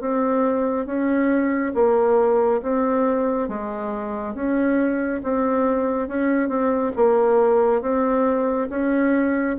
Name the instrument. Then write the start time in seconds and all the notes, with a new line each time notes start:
bassoon
0.00 C4
0.86 C#4
1.74 A#3
2.62 C4
3.48 G#3
4.34 C#4
5.23 C4
6.08 C#4
6.49 C4
6.96 A#3
7.81 C4
8.69 C#4